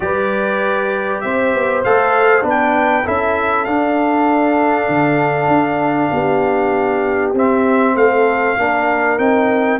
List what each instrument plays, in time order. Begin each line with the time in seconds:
0.00 tuba G3, trombone G4, horn B4, trumpet D5
1.20 tuba C4, horn C5, trumpet E5
1.54 tuba B3
1.84 tuba A3, trombone A4, trumpet F5
2.41 tuba B3, trombone D4, horn B4
2.49 trumpet G5
3.05 tuba C#4, trombone E4, horn A4, trumpet E5
3.64 tuba D4, trombone D4, trumpet F5
4.88 tuba D3
5.47 tuba D4
6.11 tuba B3, horn G4
7.33 tuba C4, trombone C4, trumpet E5
7.94 tuba A3, horn A4, trumpet F5
8.58 tuba A#3, trombone D4, horn A#4
9.18 tuba C4, trombone D#4, trumpet G5